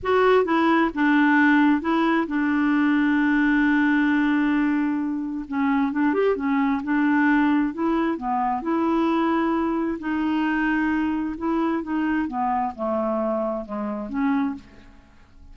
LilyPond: \new Staff \with { instrumentName = "clarinet" } { \time 4/4 \tempo 4 = 132 fis'4 e'4 d'2 | e'4 d'2.~ | d'1 | cis'4 d'8 g'8 cis'4 d'4~ |
d'4 e'4 b4 e'4~ | e'2 dis'2~ | dis'4 e'4 dis'4 b4 | a2 gis4 cis'4 | }